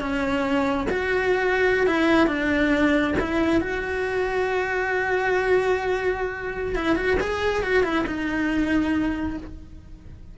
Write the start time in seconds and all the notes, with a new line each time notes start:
0.00 C#4
0.90 F#4
1.86 E4
2.27 D4
3.19 E4
3.61 F#4
6.75 E4
6.95 F#4
7.20 G#4
7.63 F#4
7.83 E4
8.07 D#4